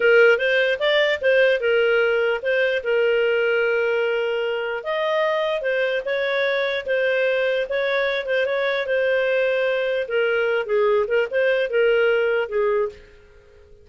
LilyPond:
\new Staff \with { instrumentName = "clarinet" } { \time 4/4 \tempo 4 = 149 ais'4 c''4 d''4 c''4 | ais'2 c''4 ais'4~ | ais'1 | dis''2 c''4 cis''4~ |
cis''4 c''2 cis''4~ | cis''8 c''8 cis''4 c''2~ | c''4 ais'4. gis'4 ais'8 | c''4 ais'2 gis'4 | }